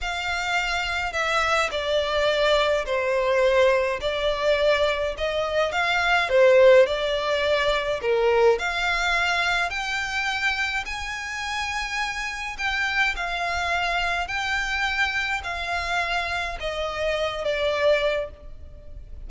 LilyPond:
\new Staff \with { instrumentName = "violin" } { \time 4/4 \tempo 4 = 105 f''2 e''4 d''4~ | d''4 c''2 d''4~ | d''4 dis''4 f''4 c''4 | d''2 ais'4 f''4~ |
f''4 g''2 gis''4~ | gis''2 g''4 f''4~ | f''4 g''2 f''4~ | f''4 dis''4. d''4. | }